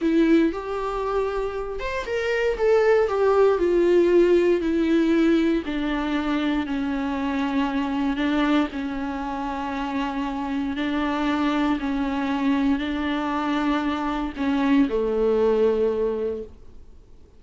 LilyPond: \new Staff \with { instrumentName = "viola" } { \time 4/4 \tempo 4 = 117 e'4 g'2~ g'8 c''8 | ais'4 a'4 g'4 f'4~ | f'4 e'2 d'4~ | d'4 cis'2. |
d'4 cis'2.~ | cis'4 d'2 cis'4~ | cis'4 d'2. | cis'4 a2. | }